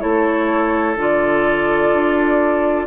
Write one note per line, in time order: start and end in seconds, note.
0.00 0.96 A3
0.00 0.95 E4
0.00 2.87 A4
0.00 0.96 C#5
0.96 1.91 D3
0.96 2.87 F4
0.96 2.87 D5
1.92 2.87 D4